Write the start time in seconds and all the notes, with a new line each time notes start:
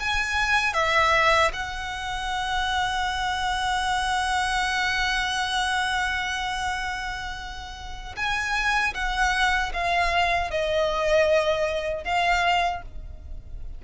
0.00 G#5
0.74 E5
1.53 F#5
8.16 G#5
8.94 F#5
9.74 F5
10.51 D#5
12.05 F5